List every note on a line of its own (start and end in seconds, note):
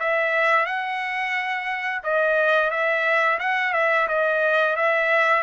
0.00 0.66 E5
0.66 2.02 F#5
2.04 2.71 D#5
2.71 3.39 E5
3.40 3.73 F#5
3.73 4.08 E5
4.08 4.76 D#5
4.76 5.43 E5